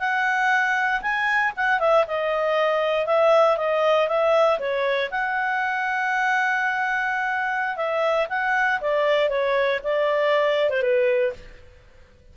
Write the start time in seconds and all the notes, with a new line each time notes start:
0.00 F#5
1.02 G#5
1.57 F#5
1.80 E5
2.08 D#5
3.07 E5
3.58 D#5
4.08 E5
4.60 C#5
5.11 F#5
7.77 E5
8.30 F#5
8.81 D5
9.30 C#5
9.84 D5
10.70 C5
10.82 B4